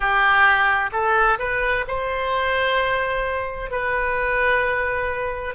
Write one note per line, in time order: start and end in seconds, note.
0.00 0.90 G4
0.92 1.38 A4
1.38 1.85 B4
1.87 3.70 C5
3.70 5.54 B4